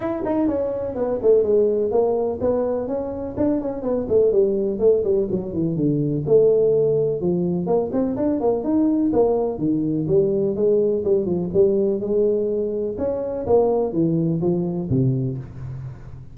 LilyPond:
\new Staff \with { instrumentName = "tuba" } { \time 4/4 \tempo 4 = 125 e'8 dis'8 cis'4 b8 a8 gis4 | ais4 b4 cis'4 d'8 cis'8 | b8 a8 g4 a8 g8 fis8 e8 | d4 a2 f4 |
ais8 c'8 d'8 ais8 dis'4 ais4 | dis4 g4 gis4 g8 f8 | g4 gis2 cis'4 | ais4 e4 f4 c4 | }